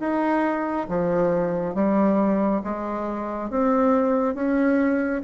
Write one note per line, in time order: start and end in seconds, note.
0.00 0.87 D#4
0.89 1.75 F3
1.75 2.62 G3
2.64 3.50 G#3
3.50 4.35 C4
4.35 5.22 C#4